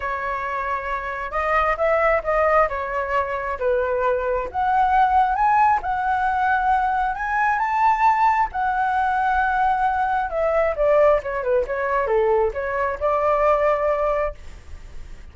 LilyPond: \new Staff \with { instrumentName = "flute" } { \time 4/4 \tempo 4 = 134 cis''2. dis''4 | e''4 dis''4 cis''2 | b'2 fis''2 | gis''4 fis''2. |
gis''4 a''2 fis''4~ | fis''2. e''4 | d''4 cis''8 b'8 cis''4 a'4 | cis''4 d''2. | }